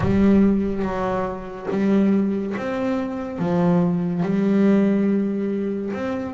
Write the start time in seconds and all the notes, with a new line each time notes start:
0.00 G3
0.82 F#3
1.70 G3
2.57 C4
3.38 F3
4.23 G3
5.93 C4